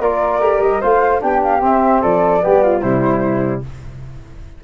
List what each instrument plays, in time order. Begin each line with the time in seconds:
0.00 tuba A#3, trombone F4, flute A#4 D5
0.40 tuba A3, trombone G4
0.59 tuba G3, flute D#5
0.81 tuba A3, trombone F4, flute C5 F5
1.21 tuba B3, trombone D4, flute G4 G5
1.43 flute F5
1.61 trombone C4, tuba C4, flute E5
2.02 tuba F3, flute A4 D5
2.41 tuba G3, trombone B3, flute G4
2.63 flute F4
2.81 tuba C3, trombone G3, flute E4 C5